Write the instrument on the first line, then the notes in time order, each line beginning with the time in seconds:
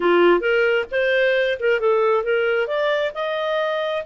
clarinet
0.00 F4
0.40 A#4
0.91 C5
1.59 A#4
1.80 A4
2.23 A#4
2.67 D5
3.14 D#5